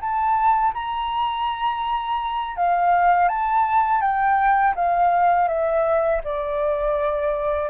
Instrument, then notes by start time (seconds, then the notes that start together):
flute
0.00 A5
0.74 A#5
2.56 F5
3.28 A5
4.00 G5
4.75 F5
5.47 E5
6.24 D5